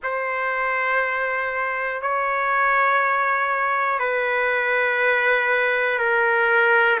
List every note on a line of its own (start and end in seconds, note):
0.03 2.01 C5
2.01 3.99 C#5
3.99 5.98 B4
5.98 6.98 A#4